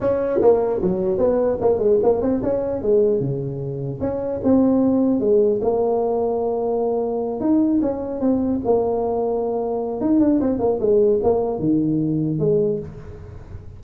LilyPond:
\new Staff \with { instrumentName = "tuba" } { \time 4/4 \tempo 4 = 150 cis'4 ais4 fis4 b4 | ais8 gis8 ais8 c'8 cis'4 gis4 | cis2 cis'4 c'4~ | c'4 gis4 ais2~ |
ais2~ ais8 dis'4 cis'8~ | cis'8 c'4 ais2~ ais8~ | ais4 dis'8 d'8 c'8 ais8 gis4 | ais4 dis2 gis4 | }